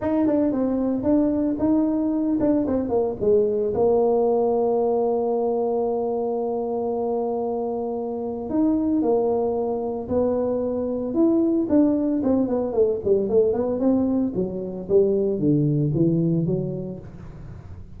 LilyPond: \new Staff \with { instrumentName = "tuba" } { \time 4/4 \tempo 4 = 113 dis'8 d'8 c'4 d'4 dis'4~ | dis'8 d'8 c'8 ais8 gis4 ais4~ | ais1~ | ais1 |
dis'4 ais2 b4~ | b4 e'4 d'4 c'8 b8 | a8 g8 a8 b8 c'4 fis4 | g4 d4 e4 fis4 | }